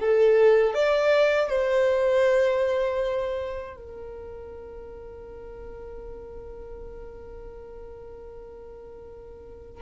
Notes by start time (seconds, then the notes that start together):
0.00 A4
0.75 D5
1.49 C5
3.77 A#4